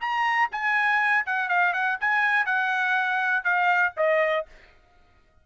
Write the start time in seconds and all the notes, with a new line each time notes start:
0.00 A#5
0.51 G#5
1.26 F#5
1.49 F5
1.73 F#5
2.00 G#5
2.45 F#5
3.44 F5
3.96 D#5